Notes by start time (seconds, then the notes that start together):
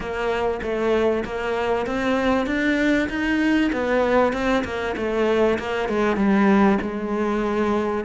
0.00 A#3
0.62 A3
1.24 A#3
1.86 C4
2.46 D4
3.09 D#4
3.72 B3
4.32 C4
4.64 A#3
4.96 A3
5.58 A#3
5.88 G#3
6.16 G3
6.81 G#3